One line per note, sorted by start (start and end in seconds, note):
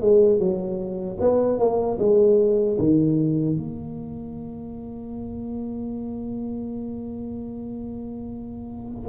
0.00 0.38 G#3
0.38 1.17 F#3
1.19 1.58 B3
1.58 1.98 A#3
1.98 2.77 G#3
2.78 3.56 D#3
3.56 9.08 A#3